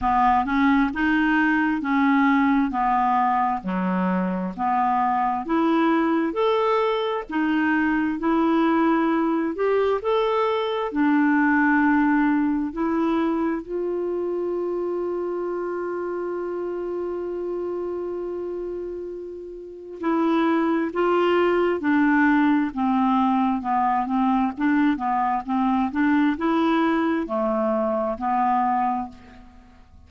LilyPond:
\new Staff \with { instrumentName = "clarinet" } { \time 4/4 \tempo 4 = 66 b8 cis'8 dis'4 cis'4 b4 | fis4 b4 e'4 a'4 | dis'4 e'4. g'8 a'4 | d'2 e'4 f'4~ |
f'1~ | f'2 e'4 f'4 | d'4 c'4 b8 c'8 d'8 b8 | c'8 d'8 e'4 a4 b4 | }